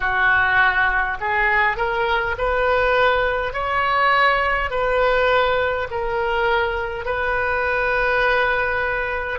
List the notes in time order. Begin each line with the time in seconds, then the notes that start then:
0.00 F#4
1.20 G#4
1.76 A#4
2.37 B4
3.53 C#5
4.70 B4
5.90 A#4
7.05 B4